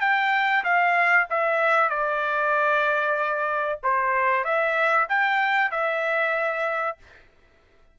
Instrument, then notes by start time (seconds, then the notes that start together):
trumpet
0.00 G5
0.64 F5
1.30 E5
1.89 D5
3.83 C5
4.44 E5
5.08 G5
5.71 E5